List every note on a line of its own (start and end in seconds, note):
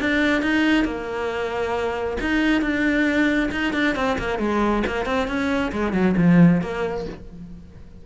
0.00 0.42 D4
0.42 0.85 D#4
0.85 2.17 A#3
2.21 2.61 D#4
2.61 3.50 D4
3.52 3.73 D#4
3.73 3.95 D4
3.96 4.18 C4
4.19 4.39 A#3
4.39 4.83 G#3
4.87 5.06 A#3
5.06 5.28 C4
5.28 5.72 C#4
5.72 5.93 G#3
5.93 6.15 F#3
6.17 6.62 F3
6.62 7.06 A#3